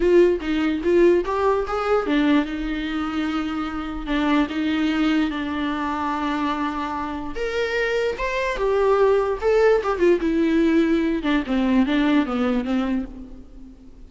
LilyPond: \new Staff \with { instrumentName = "viola" } { \time 4/4 \tempo 4 = 147 f'4 dis'4 f'4 g'4 | gis'4 d'4 dis'2~ | dis'2 d'4 dis'4~ | dis'4 d'2.~ |
d'2 ais'2 | c''4 g'2 a'4 | g'8 f'8 e'2~ e'8 d'8 | c'4 d'4 b4 c'4 | }